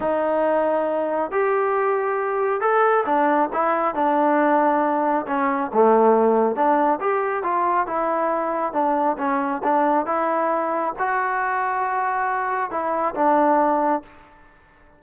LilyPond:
\new Staff \with { instrumentName = "trombone" } { \time 4/4 \tempo 4 = 137 dis'2. g'4~ | g'2 a'4 d'4 | e'4 d'2. | cis'4 a2 d'4 |
g'4 f'4 e'2 | d'4 cis'4 d'4 e'4~ | e'4 fis'2.~ | fis'4 e'4 d'2 | }